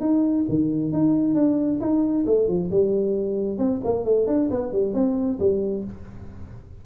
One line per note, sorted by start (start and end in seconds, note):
0.00 0.45 D#4
0.49 0.92 D#3
0.92 1.34 D#4
1.34 1.79 D4
1.80 2.25 D#4
2.26 2.47 A3
2.47 2.70 F3
2.70 3.58 G3
3.58 3.80 C4
3.84 4.04 A#3
4.04 4.27 A3
4.27 4.49 D4
4.50 4.72 B3
4.72 4.93 G3
4.93 5.38 C4
5.39 5.84 G3